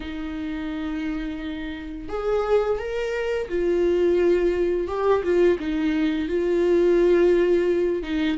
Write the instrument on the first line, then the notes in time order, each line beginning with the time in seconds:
viola
0.00 D#4
2.09 G#4
2.78 A#4
3.49 F4
4.87 G4
5.23 F4
5.59 D#4
6.28 F4
8.02 D#4